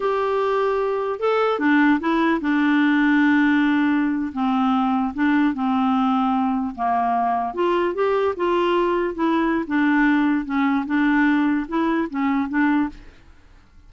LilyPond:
\new Staff \with { instrumentName = "clarinet" } { \time 4/4 \tempo 4 = 149 g'2. a'4 | d'4 e'4 d'2~ | d'2~ d'8. c'4~ c'16~ | c'8. d'4 c'2~ c'16~ |
c'8. ais2 f'4 g'16~ | g'8. f'2 e'4~ e'16 | d'2 cis'4 d'4~ | d'4 e'4 cis'4 d'4 | }